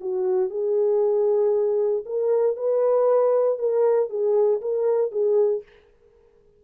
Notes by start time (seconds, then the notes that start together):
0.00 F#4
0.50 G#4
2.05 A#4
2.56 B4
3.58 A#4
4.09 G#4
4.61 A#4
5.11 G#4